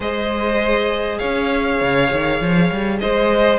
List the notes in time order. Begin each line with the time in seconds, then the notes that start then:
0.00 G#3 G#4 C5 D#5
1.18 C#4 C#5 F5
1.81 C#3
2.11 D#3
2.41 F3
2.71 G3
3.00 G#3 C5 D#5